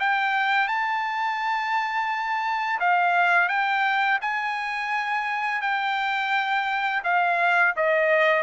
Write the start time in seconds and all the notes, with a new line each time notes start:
0.00 G5
0.68 A5
2.80 F5
3.49 G5
4.22 G#5
5.62 G5
7.04 F5
7.77 D#5